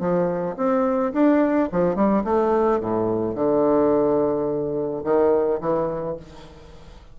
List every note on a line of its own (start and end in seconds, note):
0.00 0.56 F3
0.57 1.13 C4
1.13 1.69 D4
1.72 1.95 F3
1.95 2.23 G3
2.24 2.80 A3
2.80 3.35 A2
3.35 5.03 D3
5.04 5.60 D#3
5.60 6.17 E3